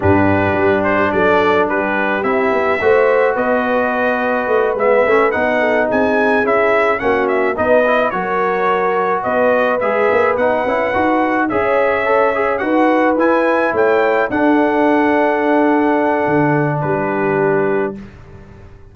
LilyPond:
<<
  \new Staff \with { instrumentName = "trumpet" } { \time 4/4 \tempo 4 = 107 b'4. c''8 d''4 b'4 | e''2 dis''2~ | dis''8 e''4 fis''4 gis''4 e''8~ | e''8 fis''8 e''8 dis''4 cis''4.~ |
cis''8 dis''4 e''4 fis''4.~ | fis''8 e''2 fis''4 gis''8~ | gis''8 g''4 fis''2~ fis''8~ | fis''2 b'2 | }
  \new Staff \with { instrumentName = "horn" } { \time 4/4 g'2 a'4 g'4~ | g'4 c''4 b'2~ | b'2 a'8 gis'4.~ | gis'8 fis'4 b'4 ais'4.~ |
ais'8 b'2.~ b'8~ | b'8 cis''2 b'4.~ | b'8 cis''4 a'2~ a'8~ | a'2 g'2 | }
  \new Staff \with { instrumentName = "trombone" } { \time 4/4 d'1 | e'4 fis'2.~ | fis'8 b8 cis'8 dis'2 e'8~ | e'8 cis'4 dis'8 e'8 fis'4.~ |
fis'4. gis'4 dis'8 e'8 fis'8~ | fis'8 gis'4 a'8 gis'8 fis'4 e'8~ | e'4. d'2~ d'8~ | d'1 | }
  \new Staff \with { instrumentName = "tuba" } { \time 4/4 g,4 g4 fis4 g4 | c'8 b8 a4 b2 | a8 gis8 a8 b4 c'4 cis'8~ | cis'8 ais4 b4 fis4.~ |
fis8 b4 gis8 ais8 b8 cis'8 dis'8~ | dis'8 cis'2 dis'4 e'8~ | e'8 a4 d'2~ d'8~ | d'4 d4 g2 | }
>>